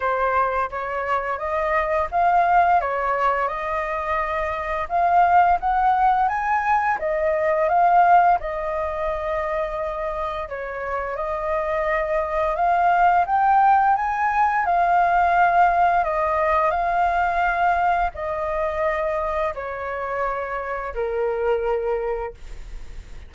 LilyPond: \new Staff \with { instrumentName = "flute" } { \time 4/4 \tempo 4 = 86 c''4 cis''4 dis''4 f''4 | cis''4 dis''2 f''4 | fis''4 gis''4 dis''4 f''4 | dis''2. cis''4 |
dis''2 f''4 g''4 | gis''4 f''2 dis''4 | f''2 dis''2 | cis''2 ais'2 | }